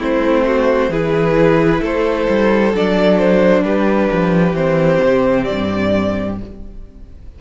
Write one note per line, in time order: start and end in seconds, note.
0.00 0.89 A3
0.00 0.91 C4
0.00 0.45 E4
0.00 0.92 C5
0.46 0.91 F#4
0.89 1.80 E3
0.89 2.74 E4
0.89 1.81 G#4
0.89 1.83 B4
1.81 2.28 A3
1.81 3.63 A4
1.81 2.76 C5
2.29 2.74 G3
2.74 3.63 F#3
2.74 4.55 D4
2.74 3.18 D5
3.18 3.64 C5
3.63 4.09 G3
3.63 6.39 G4
3.63 4.55 B4
4.12 4.53 F3
4.53 4.99 E3
4.53 6.37 C4
4.53 5.44 C5
5.04 5.50 C3
5.44 6.41 G2
5.44 6.35 D5